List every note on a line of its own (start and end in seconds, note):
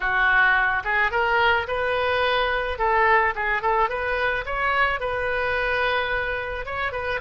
0.00 0.83 F#4
0.83 1.11 G#4
1.11 1.66 A#4
1.67 2.78 B4
2.78 3.34 A4
3.35 3.61 G#4
3.61 3.89 A4
3.89 4.44 B4
4.45 5.00 C#5
5.00 6.65 B4
6.65 6.92 C#5
6.92 7.19 B4